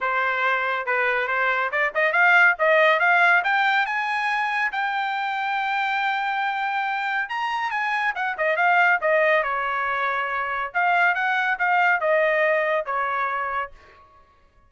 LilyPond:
\new Staff \with { instrumentName = "trumpet" } { \time 4/4 \tempo 4 = 140 c''2 b'4 c''4 | d''8 dis''8 f''4 dis''4 f''4 | g''4 gis''2 g''4~ | g''1~ |
g''4 ais''4 gis''4 fis''8 dis''8 | f''4 dis''4 cis''2~ | cis''4 f''4 fis''4 f''4 | dis''2 cis''2 | }